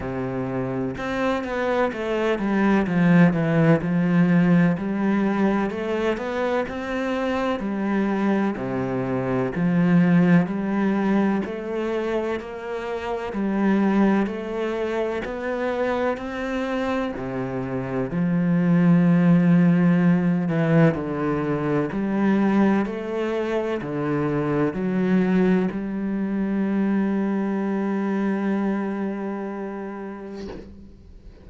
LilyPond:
\new Staff \with { instrumentName = "cello" } { \time 4/4 \tempo 4 = 63 c4 c'8 b8 a8 g8 f8 e8 | f4 g4 a8 b8 c'4 | g4 c4 f4 g4 | a4 ais4 g4 a4 |
b4 c'4 c4 f4~ | f4. e8 d4 g4 | a4 d4 fis4 g4~ | g1 | }